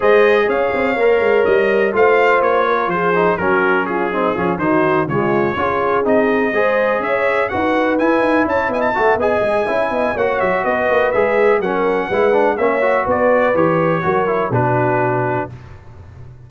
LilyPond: <<
  \new Staff \with { instrumentName = "trumpet" } { \time 4/4 \tempo 4 = 124 dis''4 f''2 dis''4 | f''4 cis''4 c''4 ais'4 | gis'4. c''4 cis''4.~ | cis''8 dis''2 e''4 fis''8~ |
fis''8 gis''4 a''8 gis''16 a''8. gis''4~ | gis''4 fis''8 e''8 dis''4 e''4 | fis''2 e''4 d''4 | cis''2 b'2 | }
  \new Staff \with { instrumentName = "horn" } { \time 4/4 c''4 cis''2. | c''4. ais'8 gis'4 fis'4 | f'8 dis'8 f'8 fis'4 f'4 gis'8~ | gis'4. c''4 cis''4 b'8~ |
b'4. cis''8 dis''8 e''8 dis''4 | e''8 dis''8 cis''4 b'2 | ais'4 b'4 cis''4 b'4~ | b'4 ais'4 fis'2 | }
  \new Staff \with { instrumentName = "trombone" } { \time 4/4 gis'2 ais'2 | f'2~ f'8 dis'8 cis'4~ | cis'8 c'8 cis'8 dis'4 gis4 f'8~ | f'8 dis'4 gis'2 fis'8~ |
fis'8 e'2 fis'8 gis'4 | e'4 fis'2 gis'4 | cis'4 e'8 d'8 cis'8 fis'4. | g'4 fis'8 e'8 d'2 | }
  \new Staff \with { instrumentName = "tuba" } { \time 4/4 gis4 cis'8 c'8 ais8 gis8 g4 | a4 ais4 f4 fis4~ | fis4 f8 dis4 cis4 cis'8~ | cis'8 c'4 gis4 cis'4 dis'8~ |
dis'8 e'8 dis'8 cis'8 b8 a8 b8 gis8 | cis'8 b8 ais8 fis8 b8 ais8 gis4 | fis4 gis4 ais4 b4 | e4 fis4 b,2 | }
>>